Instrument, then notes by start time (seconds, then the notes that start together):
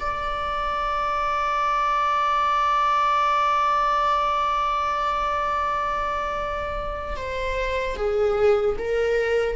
viola
0.00 D5
7.17 C5
7.96 G#4
8.79 A#4